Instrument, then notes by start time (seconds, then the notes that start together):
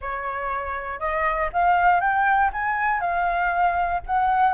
flute
0.01 C#5
0.99 D#5
1.52 F5
2.00 G5
2.52 G#5
3.00 F5
4.06 F#5